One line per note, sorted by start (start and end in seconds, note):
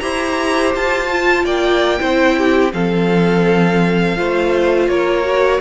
0.00 0.75 E4
0.00 1.10 G4
0.00 1.45 C5
0.00 0.72 A#5
0.75 1.45 F4
0.75 1.46 A5
1.11 1.99 F4
1.45 1.99 A#3
1.45 1.99 D5
1.45 2.72 G5
1.99 2.74 C4
1.99 2.71 E4
1.99 2.37 C5
2.38 2.74 G4
2.73 4.18 F3
2.73 4.16 C4
2.73 4.18 A4
2.73 4.89 F5
4.16 4.88 A3
4.16 5.23 F4
4.16 4.90 C5
4.88 5.60 A#3
4.88 5.61 A#4
4.88 5.61 C#5
5.23 5.59 F#4